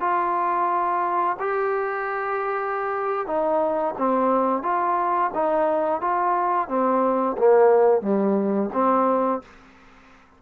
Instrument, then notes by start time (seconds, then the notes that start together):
trombone
0.00 F4
1.39 G4
3.26 D#4
3.97 C4
4.62 F4
5.34 D#4
6.01 F4
6.68 C4
7.38 A#3
8.01 G3
8.73 C4